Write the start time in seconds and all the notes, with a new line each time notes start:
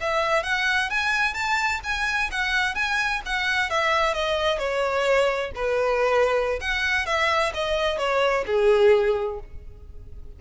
0.00 E5
0.43 F#5
0.90 G#5
1.34 A5
1.83 G#5
2.31 F#5
2.75 G#5
3.25 F#5
3.70 E5
4.14 D#5
4.58 C#5
5.55 B4
6.60 F#5
7.05 E5
7.54 D#5
7.98 C#5
8.46 G#4